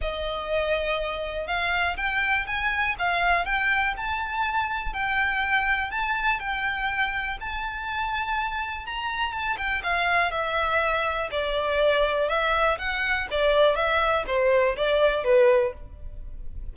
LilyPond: \new Staff \with { instrumentName = "violin" } { \time 4/4 \tempo 4 = 122 dis''2. f''4 | g''4 gis''4 f''4 g''4 | a''2 g''2 | a''4 g''2 a''4~ |
a''2 ais''4 a''8 g''8 | f''4 e''2 d''4~ | d''4 e''4 fis''4 d''4 | e''4 c''4 d''4 b'4 | }